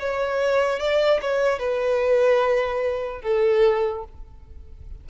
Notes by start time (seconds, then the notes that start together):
0.00 C#5
0.80 D5
1.22 C#5
1.59 B4
3.22 A4